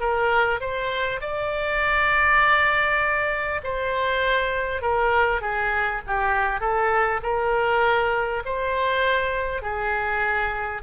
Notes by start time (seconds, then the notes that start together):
0.00 A#4
0.60 C5
1.21 D5
3.63 C5
4.82 A#4
5.41 G#4
6.07 G4
6.60 A4
7.23 A#4
8.45 C5
9.62 G#4